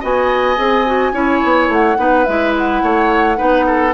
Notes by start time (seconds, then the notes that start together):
0.00 B3 F#4 D#5 G#5
0.57 C4 G#4
0.86 F#4
1.12 C#4 E4 C#5
1.44 B3
1.69 A3 F#5
1.97 B3 D#4 B4
2.25 G#3 E4 E5
2.57 F#5
2.83 A3 C#5
3.36 B3 D#4 B4
3.66 A4